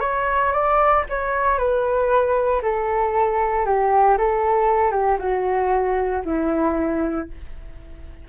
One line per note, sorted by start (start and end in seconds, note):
0.00 0.52 C#5
0.52 1.04 D5
1.09 1.58 C#5
1.58 2.61 B4
2.62 3.66 A4
3.66 4.17 G4
4.17 4.91 A4
4.91 5.17 G4
5.19 6.22 F#4
6.25 7.28 E4